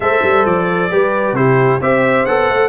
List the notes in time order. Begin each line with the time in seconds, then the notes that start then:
0.00 A3 A4 C5 E5
0.23 G3
0.45 F3 D5
0.90 G3 G4 B4
1.33 C3 E4 G4 C5
1.80 C4 G4 C5 E5
2.25 B3 A4 F#5
2.48 A3